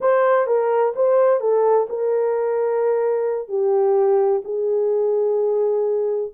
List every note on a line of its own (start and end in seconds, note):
0.00 0.46 C5
0.46 0.93 A#4
0.95 1.40 C5
1.40 1.87 A4
1.89 3.48 A#4
3.48 4.42 G4
4.44 6.32 G#4